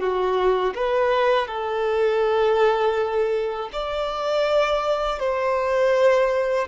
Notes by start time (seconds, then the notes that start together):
0.00 F#4
0.75 B4
1.47 A4
3.73 D5
5.20 C5